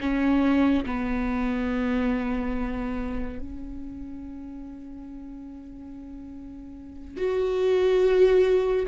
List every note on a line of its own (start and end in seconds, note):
0.00 0.85 C#4
0.85 3.39 B3
3.39 7.17 C#4
7.17 8.86 F#4